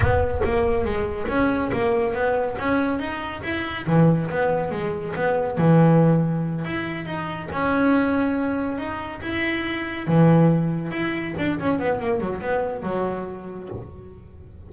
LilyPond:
\new Staff \with { instrumentName = "double bass" } { \time 4/4 \tempo 4 = 140 b4 ais4 gis4 cis'4 | ais4 b4 cis'4 dis'4 | e'4 e4 b4 gis4 | b4 e2~ e8 e'8~ |
e'8 dis'4 cis'2~ cis'8~ | cis'8 dis'4 e'2 e8~ | e4. e'4 d'8 cis'8 b8 | ais8 fis8 b4 fis2 | }